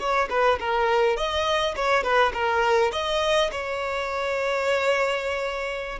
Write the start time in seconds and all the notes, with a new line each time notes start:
0.00 C#5
0.30 B4
0.60 A#4
1.17 D#5
1.76 C#5
2.04 B4
2.34 A#4
2.93 D#5
3.52 C#5